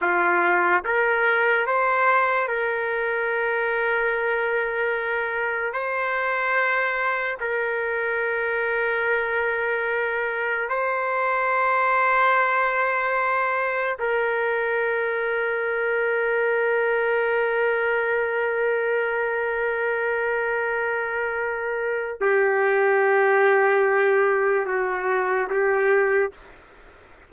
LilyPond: \new Staff \with { instrumentName = "trumpet" } { \time 4/4 \tempo 4 = 73 f'4 ais'4 c''4 ais'4~ | ais'2. c''4~ | c''4 ais'2.~ | ais'4 c''2.~ |
c''4 ais'2.~ | ais'1~ | ais'2. g'4~ | g'2 fis'4 g'4 | }